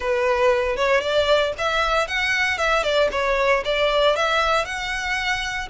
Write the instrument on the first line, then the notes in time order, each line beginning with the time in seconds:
violin
0.00 B4
0.76 C#5
1.01 D5
1.58 E5
2.07 F#5
2.58 E5
2.83 D5
3.11 C#5
3.64 D5
4.15 E5
4.65 F#5